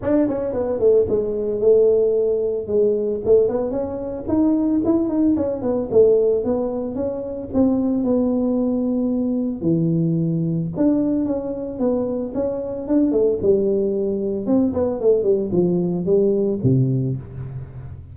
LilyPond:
\new Staff \with { instrumentName = "tuba" } { \time 4/4 \tempo 4 = 112 d'8 cis'8 b8 a8 gis4 a4~ | a4 gis4 a8 b8 cis'4 | dis'4 e'8 dis'8 cis'8 b8 a4 | b4 cis'4 c'4 b4~ |
b2 e2 | d'4 cis'4 b4 cis'4 | d'8 a8 g2 c'8 b8 | a8 g8 f4 g4 c4 | }